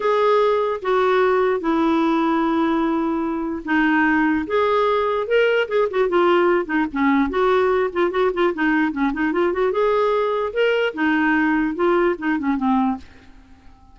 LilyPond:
\new Staff \with { instrumentName = "clarinet" } { \time 4/4 \tempo 4 = 148 gis'2 fis'2 | e'1~ | e'4 dis'2 gis'4~ | gis'4 ais'4 gis'8 fis'8 f'4~ |
f'8 dis'8 cis'4 fis'4. f'8 | fis'8 f'8 dis'4 cis'8 dis'8 f'8 fis'8 | gis'2 ais'4 dis'4~ | dis'4 f'4 dis'8 cis'8 c'4 | }